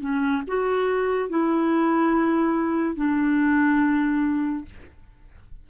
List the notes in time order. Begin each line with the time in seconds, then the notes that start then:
0.00 C#4
0.47 F#4
1.29 E4
2.96 D4